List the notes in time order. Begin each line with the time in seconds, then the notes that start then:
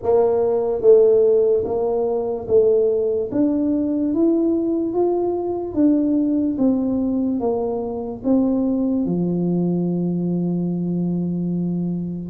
0.02 A#3
0.81 A3
1.64 A#3
2.47 A3
3.31 D4
4.14 E4
4.93 F4
5.74 D4
6.58 C4
7.40 A#3
8.23 C4
9.05 F3